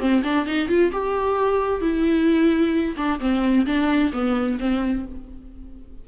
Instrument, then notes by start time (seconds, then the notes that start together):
viola
0.00 C4
0.24 D4
0.46 D#4
0.69 F4
0.92 G4
1.82 E4
2.97 D4
3.20 C4
3.67 D4
4.13 B3
4.60 C4